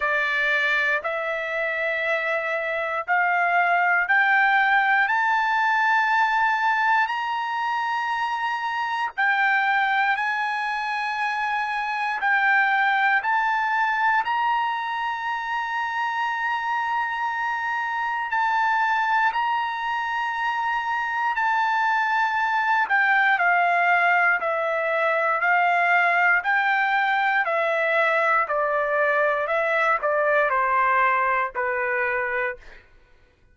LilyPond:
\new Staff \with { instrumentName = "trumpet" } { \time 4/4 \tempo 4 = 59 d''4 e''2 f''4 | g''4 a''2 ais''4~ | ais''4 g''4 gis''2 | g''4 a''4 ais''2~ |
ais''2 a''4 ais''4~ | ais''4 a''4. g''8 f''4 | e''4 f''4 g''4 e''4 | d''4 e''8 d''8 c''4 b'4 | }